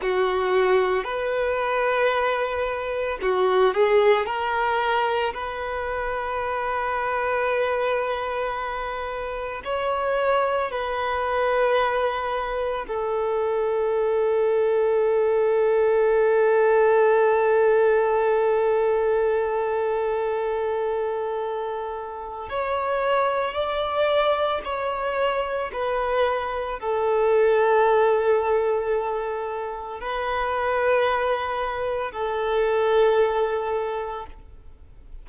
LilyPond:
\new Staff \with { instrumentName = "violin" } { \time 4/4 \tempo 4 = 56 fis'4 b'2 fis'8 gis'8 | ais'4 b'2.~ | b'4 cis''4 b'2 | a'1~ |
a'1~ | a'4 cis''4 d''4 cis''4 | b'4 a'2. | b'2 a'2 | }